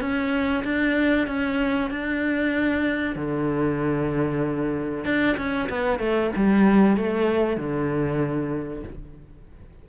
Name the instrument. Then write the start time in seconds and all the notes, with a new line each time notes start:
cello
0.00 C#4
0.63 D4
1.27 C#4
1.90 D4
3.15 D3
5.04 D4
5.37 C#4
5.69 B3
5.99 A3
6.36 G3
6.96 A3
7.56 D3